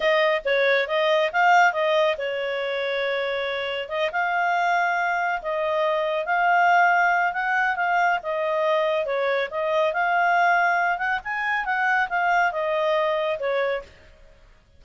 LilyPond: \new Staff \with { instrumentName = "clarinet" } { \time 4/4 \tempo 4 = 139 dis''4 cis''4 dis''4 f''4 | dis''4 cis''2.~ | cis''4 dis''8 f''2~ f''8~ | f''8 dis''2 f''4.~ |
f''4 fis''4 f''4 dis''4~ | dis''4 cis''4 dis''4 f''4~ | f''4. fis''8 gis''4 fis''4 | f''4 dis''2 cis''4 | }